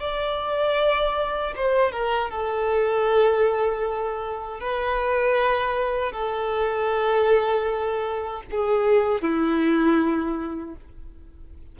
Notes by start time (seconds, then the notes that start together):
0.00 D5
1.56 C5
1.92 A#4
2.30 A4
4.60 B4
6.12 A4
8.51 G#4
9.21 E4